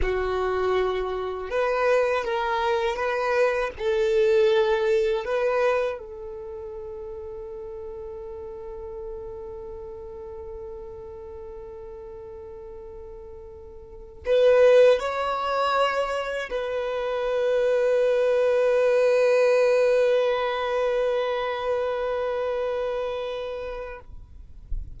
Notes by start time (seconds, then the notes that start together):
0.02 F#4
1.50 B4
2.24 A#4
2.96 B4
3.78 A4
5.25 B4
5.98 A4
14.25 B4
14.99 C#5
16.50 B4